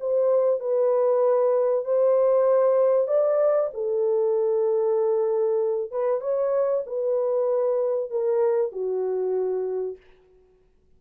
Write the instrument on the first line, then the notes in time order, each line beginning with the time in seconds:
horn
0.00 C5
0.60 B4
1.85 C5
3.08 D5
3.73 A4
5.91 B4
6.21 C#5
6.86 B4
8.11 A#4
8.72 F#4